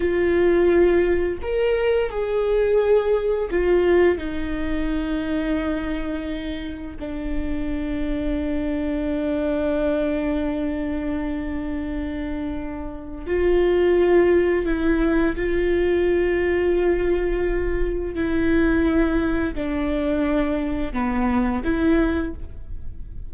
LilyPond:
\new Staff \with { instrumentName = "viola" } { \time 4/4 \tempo 4 = 86 f'2 ais'4 gis'4~ | gis'4 f'4 dis'2~ | dis'2 d'2~ | d'1~ |
d'2. f'4~ | f'4 e'4 f'2~ | f'2 e'2 | d'2 b4 e'4 | }